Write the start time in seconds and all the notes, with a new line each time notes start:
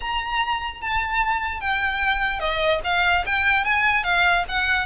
0.00 A#5
0.81 A5
1.60 G5
2.39 D#5
2.84 F5
3.25 G5
3.64 G#5
4.03 F5
4.48 F#5